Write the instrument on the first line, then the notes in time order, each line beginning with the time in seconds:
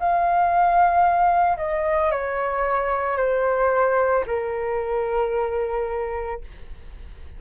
flute
0.00 F5
1.58 D#5
2.11 C#5
3.18 C5
4.27 A#4